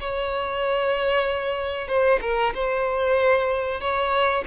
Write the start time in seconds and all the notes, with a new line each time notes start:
0.00 C#5
1.87 C5
2.21 A#4
2.54 C5
3.80 C#5